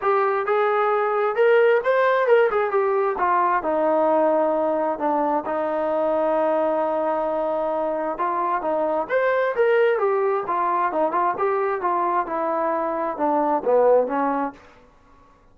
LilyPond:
\new Staff \with { instrumentName = "trombone" } { \time 4/4 \tempo 4 = 132 g'4 gis'2 ais'4 | c''4 ais'8 gis'8 g'4 f'4 | dis'2. d'4 | dis'1~ |
dis'2 f'4 dis'4 | c''4 ais'4 g'4 f'4 | dis'8 f'8 g'4 f'4 e'4~ | e'4 d'4 b4 cis'4 | }